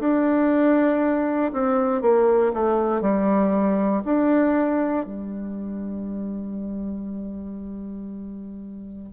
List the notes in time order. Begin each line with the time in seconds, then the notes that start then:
0.00 D4
1.53 C4
2.02 A#3
2.54 A3
3.01 G3
4.05 D4
5.06 G3